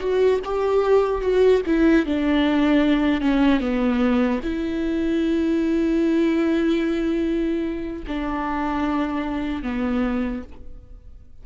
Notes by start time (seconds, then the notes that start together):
0.00 F#4
0.45 G4
1.22 F#4
1.66 E4
2.06 D4
3.21 C#4
3.61 B3
4.43 E4
8.08 D4
9.63 B3